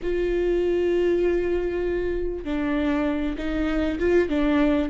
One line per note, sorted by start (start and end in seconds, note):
0.02 2.44 F4
2.44 3.36 D4
3.37 3.99 D#4
3.99 4.28 F4
4.28 4.89 D4